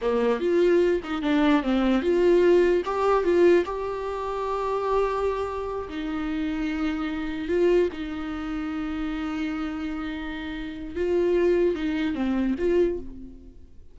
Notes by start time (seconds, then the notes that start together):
0.01 A#3
0.39 F4
1.03 D#4
1.22 D4
1.63 C4
2.01 F4
2.85 G4
3.24 F4
3.65 G4
5.88 D#4
7.48 F4
7.92 D#4
10.95 F4
11.75 D#4
12.14 C4
12.58 F4